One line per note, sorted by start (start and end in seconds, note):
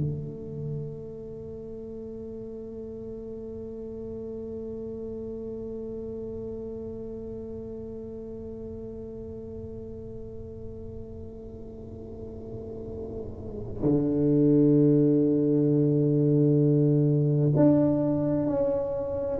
0.00 13.83 A3
13.83 17.52 D3
17.56 18.47 D4
18.47 19.39 C#4